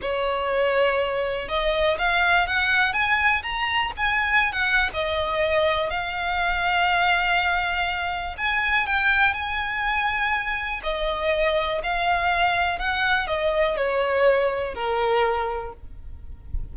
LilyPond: \new Staff \with { instrumentName = "violin" } { \time 4/4 \tempo 4 = 122 cis''2. dis''4 | f''4 fis''4 gis''4 ais''4 | gis''4~ gis''16 fis''8. dis''2 | f''1~ |
f''4 gis''4 g''4 gis''4~ | gis''2 dis''2 | f''2 fis''4 dis''4 | cis''2 ais'2 | }